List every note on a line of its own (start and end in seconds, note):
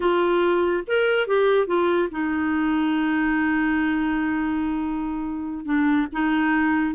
0.00 0.83 F4
0.87 1.27 A#4
1.27 1.66 G4
1.66 2.08 F4
2.11 5.65 D#4
5.65 6.07 D4
6.12 6.94 D#4